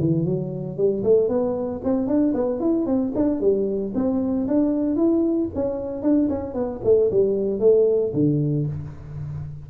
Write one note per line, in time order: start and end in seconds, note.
0.00 0.25 E3
0.25 0.78 F#3
0.78 1.04 G3
1.04 1.29 A3
1.29 1.81 B3
1.84 2.07 C4
2.07 2.34 D4
2.34 2.60 B3
2.60 2.86 E4
2.86 3.13 C4
3.16 3.41 D4
3.41 3.94 G3
3.95 4.48 C4
4.48 4.96 D4
4.96 5.49 E4
5.55 6.03 C#4
6.03 6.29 D4
6.30 6.54 C#4
6.54 6.81 B3
6.84 7.11 A3
7.11 7.60 G3
7.60 8.13 A3
8.14 8.67 D3